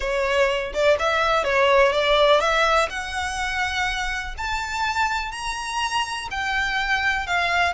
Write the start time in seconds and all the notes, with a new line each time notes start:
0.00 C#5
0.73 D5
0.99 E5
1.44 C#5
1.92 D5
2.40 E5
2.89 F#5
4.37 A5
5.31 A#5
6.30 G5
7.26 F5